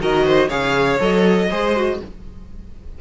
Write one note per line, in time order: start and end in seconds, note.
0.00 0.49 D#3
0.00 0.49 F#4
0.00 0.25 A#4
0.00 0.50 D#5
0.25 0.48 C5
0.48 0.99 C#3
0.48 0.99 G#4
0.48 1.47 C#5
0.48 0.99 F5
0.99 1.49 F#3
0.99 1.49 A4
0.99 2.00 D#5
1.50 2.00 G#3
1.50 1.75 G#4
1.50 1.99 C5
1.76 2.01 F#4